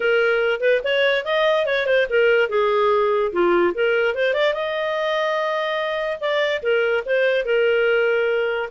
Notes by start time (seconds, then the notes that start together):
0.00 A#4
0.60 B4
0.84 C#5
1.25 D#5
1.66 C#5
1.86 C5
2.09 A#4
2.49 G#4
3.32 F4
3.74 A#4
4.14 C5
4.33 D5
4.53 D#5
6.20 D5
6.62 A#4
7.05 C5
7.45 A#4